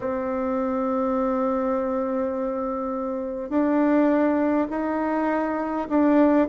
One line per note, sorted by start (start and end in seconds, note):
0.00 3.49 C4
3.49 4.67 D4
4.70 5.87 D#4
5.89 6.48 D4